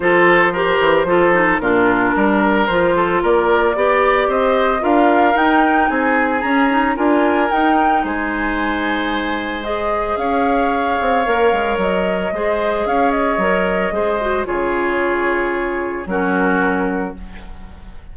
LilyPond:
<<
  \new Staff \with { instrumentName = "flute" } { \time 4/4 \tempo 4 = 112 c''2. ais'4~ | ais'4 c''4 d''2 | dis''4 f''4 g''4 gis''4 | ais''4 gis''4 g''4 gis''4~ |
gis''2 dis''4 f''4~ | f''2 dis''2 | f''8 dis''2~ dis''8 cis''4~ | cis''2 ais'2 | }
  \new Staff \with { instrumentName = "oboe" } { \time 4/4 a'4 ais'4 a'4 f'4 | ais'4. a'8 ais'4 d''4 | c''4 ais'2 gis'4~ | gis'4 ais'2 c''4~ |
c''2. cis''4~ | cis''2. c''4 | cis''2 c''4 gis'4~ | gis'2 fis'2 | }
  \new Staff \with { instrumentName = "clarinet" } { \time 4/4 f'4 g'4 f'8 dis'8 d'4~ | d'4 f'2 g'4~ | g'4 f'4 dis'2 | cis'8 dis'8 f'4 dis'2~ |
dis'2 gis'2~ | gis'4 ais'2 gis'4~ | gis'4 ais'4 gis'8 fis'8 f'4~ | f'2 cis'2 | }
  \new Staff \with { instrumentName = "bassoon" } { \time 4/4 f4. e8 f4 ais,4 | g4 f4 ais4 b4 | c'4 d'4 dis'4 c'4 | cis'4 d'4 dis'4 gis4~ |
gis2. cis'4~ | cis'8 c'8 ais8 gis8 fis4 gis4 | cis'4 fis4 gis4 cis4~ | cis2 fis2 | }
>>